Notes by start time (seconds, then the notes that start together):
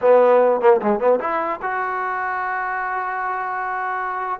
0.01 B3
0.61 A#3
0.82 G#3
0.99 B3
1.19 E4
1.62 F#4